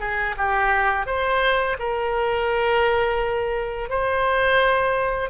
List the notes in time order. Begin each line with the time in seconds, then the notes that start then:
0.00 G#4
0.38 G4
1.06 C5
1.79 A#4
3.90 C5